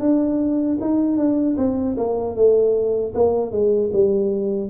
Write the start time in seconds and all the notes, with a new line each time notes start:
0.00 D4
0.81 D#4
1.17 D4
1.57 C4
1.97 A#3
2.36 A3
3.15 A#3
3.51 G#3
3.92 G3